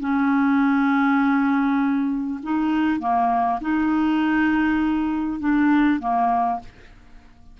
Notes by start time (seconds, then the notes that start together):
0.00 C#4
2.42 D#4
2.99 A#3
3.61 D#4
5.39 D4
5.99 A#3